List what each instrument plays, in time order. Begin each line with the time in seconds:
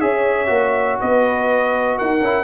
0.00 tuba C#4, trombone G#4, horn C#5, trumpet E5
0.46 tuba A#3, trombone F#4
1.00 tuba B3, horn B4, trumpet D#5
1.97 tuba D#4, horn A#4, trumpet F#5
2.21 tuba C#4, trombone E4